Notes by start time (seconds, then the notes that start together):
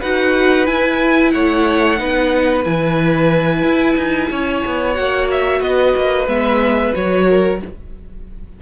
0.00 D#4 F#4 B4 F#5
0.66 E4 G#5
1.31 A3 C#5 F#5
1.97 B3 D#4 B4
2.64 E3 E4 G#5
3.62 E4
3.96 D#4
4.30 C#4 C#5
4.65 B3
4.94 A#3 F#4 F#5
5.31 E5
5.60 B3 B4 D#5
5.96 A#3
6.27 G#3 B3 E5
6.93 F#3 F#4 C#5
7.28 A#4